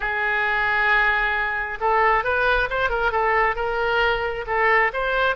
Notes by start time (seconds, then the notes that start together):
0.00 G#4
1.80 A4
2.23 B4
2.70 C5
2.89 A#4
3.11 A4
3.55 A#4
4.46 A4
4.93 C5